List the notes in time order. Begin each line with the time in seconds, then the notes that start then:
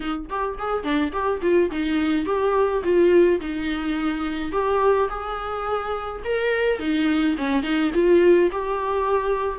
0.00 D#4
0.29 G4
0.58 G#4
0.83 D4
1.12 G4
1.42 F4
1.70 D#4
2.25 G4
2.83 F4
3.40 D#4
4.52 G4
5.09 G#4
6.24 A#4
6.79 D#4
7.37 C#4
7.62 D#4
7.93 F4
8.51 G4